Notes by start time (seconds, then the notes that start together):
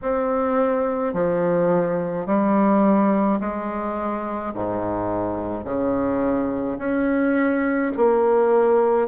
0.02 C4
1.13 F3
2.26 G3
3.40 G#3
4.54 G#2
5.64 C#3
6.78 C#4
7.96 A#3